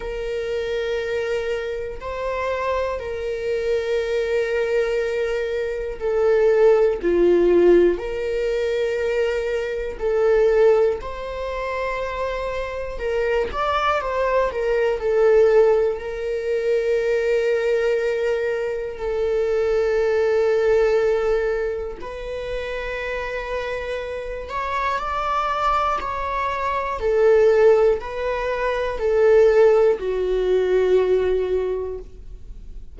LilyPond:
\new Staff \with { instrumentName = "viola" } { \time 4/4 \tempo 4 = 60 ais'2 c''4 ais'4~ | ais'2 a'4 f'4 | ais'2 a'4 c''4~ | c''4 ais'8 d''8 c''8 ais'8 a'4 |
ais'2. a'4~ | a'2 b'2~ | b'8 cis''8 d''4 cis''4 a'4 | b'4 a'4 fis'2 | }